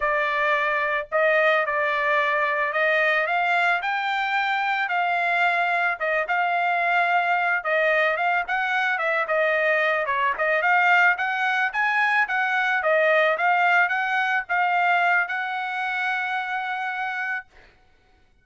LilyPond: \new Staff \with { instrumentName = "trumpet" } { \time 4/4 \tempo 4 = 110 d''2 dis''4 d''4~ | d''4 dis''4 f''4 g''4~ | g''4 f''2 dis''8 f''8~ | f''2 dis''4 f''8 fis''8~ |
fis''8 e''8 dis''4. cis''8 dis''8 f''8~ | f''8 fis''4 gis''4 fis''4 dis''8~ | dis''8 f''4 fis''4 f''4. | fis''1 | }